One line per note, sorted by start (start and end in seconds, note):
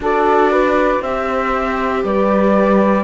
0.00 0.99 D4
0.00 1.02 F#4
0.00 0.51 A4
0.00 1.02 D5
0.51 1.01 B4
1.01 2.03 C4
1.01 3.04 G4
1.01 2.02 C5
1.01 2.04 E5
2.04 3.04 G3
2.04 3.04 B4
2.04 3.04 D5